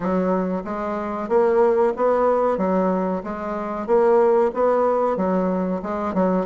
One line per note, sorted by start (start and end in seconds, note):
0.00 0.62 F#3
0.64 1.28 G#3
1.28 1.93 A#3
1.96 2.57 B3
2.57 3.22 F#3
3.23 3.87 G#3
3.87 4.51 A#3
4.54 5.16 B3
5.16 5.81 F#3
5.82 6.14 G#3
6.14 6.46 F#3